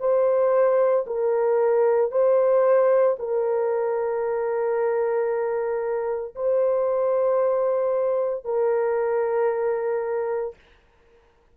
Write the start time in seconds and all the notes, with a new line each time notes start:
0.00 C5
1.07 A#4
2.11 C5
3.19 A#4
6.35 C5
8.45 A#4